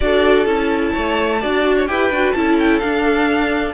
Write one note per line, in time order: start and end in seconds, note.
0.00 0.46 D4
0.00 0.45 F#4
0.00 0.92 A4
0.00 0.46 D5
0.45 0.93 C#4
0.45 1.39 E4
0.45 1.86 A5
0.92 1.43 A3
0.92 1.39 C#5
1.40 1.89 D4
1.40 1.87 F#4
1.40 1.75 D5
1.76 1.88 C#5
1.86 2.10 E4
1.86 2.11 G4
1.86 2.36 B4
1.86 2.32 G5
2.10 2.33 D4
2.10 2.35 F#4
2.32 2.82 C#4
2.32 2.81 E4
2.32 3.73 A4
2.32 2.55 A5
2.59 2.79 G5
2.79 3.73 D4
2.79 3.73 F5